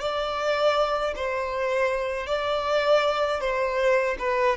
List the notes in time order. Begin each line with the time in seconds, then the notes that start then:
0.00 D5
1.16 C5
2.26 D5
3.40 C5
4.19 B4